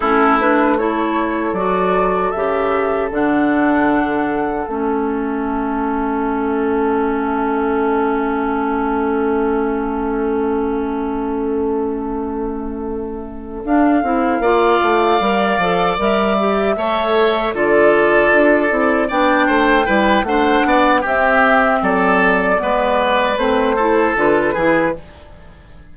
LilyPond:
<<
  \new Staff \with { instrumentName = "flute" } { \time 4/4 \tempo 4 = 77 a'8 b'8 cis''4 d''4 e''4 | fis''2 e''2~ | e''1~ | e''1~ |
e''4. f''2~ f''8~ | f''8 e''2 d''4.~ | d''8 g''4. fis''4 e''4 | d''2 c''4 b'4 | }
  \new Staff \with { instrumentName = "oboe" } { \time 4/4 e'4 a'2.~ | a'1~ | a'1~ | a'1~ |
a'2~ a'8 d''4.~ | d''4. cis''4 a'4.~ | a'8 d''8 c''8 b'8 c''8 d''8 g'4 | a'4 b'4. a'4 gis'8 | }
  \new Staff \with { instrumentName = "clarinet" } { \time 4/4 cis'8 d'8 e'4 fis'4 g'4 | d'2 cis'2~ | cis'1~ | cis'1~ |
cis'4. d'8 e'8 f'4 ais'8 | a'8 ais'8 g'8 a'4 f'4. | e'8 d'4 e'8 d'4 c'4~ | c'4 b4 c'8 e'8 f'8 e'8 | }
  \new Staff \with { instrumentName = "bassoon" } { \time 4/4 a2 fis4 cis4 | d2 a2~ | a1~ | a1~ |
a4. d'8 c'8 ais8 a8 g8 | f8 g4 a4 d4 d'8 | c'8 b8 a8 g8 a8 b8 c'4 | fis4 gis4 a4 d8 e8 | }
>>